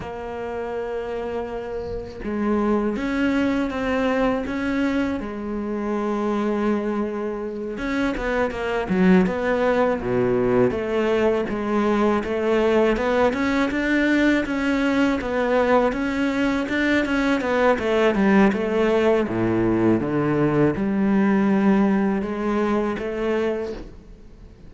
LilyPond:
\new Staff \with { instrumentName = "cello" } { \time 4/4 \tempo 4 = 81 ais2. gis4 | cis'4 c'4 cis'4 gis4~ | gis2~ gis8 cis'8 b8 ais8 | fis8 b4 b,4 a4 gis8~ |
gis8 a4 b8 cis'8 d'4 cis'8~ | cis'8 b4 cis'4 d'8 cis'8 b8 | a8 g8 a4 a,4 d4 | g2 gis4 a4 | }